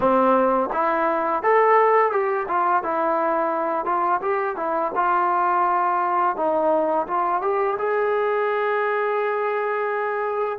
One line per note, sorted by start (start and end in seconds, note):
0.00 0.70 C4
0.72 1.42 E4
1.42 2.11 A4
2.11 2.46 G4
2.47 2.83 F4
2.83 3.85 E4
3.85 4.20 F4
4.21 4.56 G4
4.56 4.92 E4
4.95 6.36 F4
6.36 7.07 D#4
7.07 7.41 F4
7.41 7.76 G4
7.77 10.59 G#4